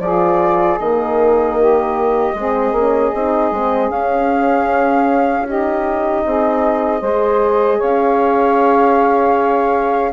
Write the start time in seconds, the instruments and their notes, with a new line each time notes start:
0.00 bassoon F3, horn F4, saxophone G#4, flute D5
0.79 bassoon D#3, horn A#3, flute D#5
1.58 saxophone G4
2.34 bassoon G#3, horn C4, saxophone G#4
2.72 bassoon A#3, horn C#4
3.15 bassoon C4, horn D#4
3.52 bassoon G#3, horn C4
3.90 bassoon C#4, horn C#4, flute F5
5.47 horn D#4, saxophone G4, flute D#5
6.26 bassoon C4, saxophone G#4
7.00 bassoon G#3, horn G#4, saxophone C5
7.78 bassoon C#4, saxophone C#5, flute F5